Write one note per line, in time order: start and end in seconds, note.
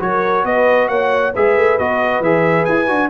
0.00 0.44 F#3
0.00 1.34 F#4
0.00 0.45 A#4
0.00 0.46 C#5
0.44 0.89 B3
0.44 0.89 B4
0.44 0.88 D#5
0.88 1.33 A#3
0.88 1.33 C#5
0.88 1.33 F#5
1.33 1.57 G#3
1.33 1.80 G#4
1.33 3.10 B4
1.33 1.79 E5
1.57 1.79 A3
1.79 2.21 B3
1.79 2.24 F#4
1.79 2.23 D#5
2.21 2.65 E3
2.21 2.88 G#4
2.21 2.65 E5
2.65 2.90 E4
2.65 3.10 G#5
2.88 3.10 D4
2.88 3.10 F#4